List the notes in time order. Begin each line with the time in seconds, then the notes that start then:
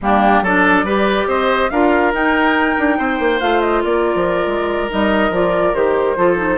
0.01 G3 A#3 D4 G4
0.41 F#3 D4 A4 D5
0.83 G3 G4 B4
1.27 C4 C5 D#5
1.70 D4 F4 A#4 F5
2.13 D#4 G5
2.78 D4
2.98 C4 C5
3.19 A#3
3.40 A3 F4 F5
3.61 D#5
3.84 A#3 A#4 D5
4.15 F3
4.46 G#3
4.89 G3 D#4 D#5
5.30 F3 F4 D5
5.74 D#3 G4 C5
6.16 F3 F4 A4
6.36 D#4